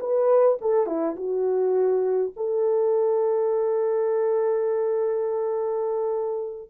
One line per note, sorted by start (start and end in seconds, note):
0.00 0.58 B4
0.61 0.87 A4
0.87 1.16 E4
1.16 2.33 F#4
2.36 6.70 A4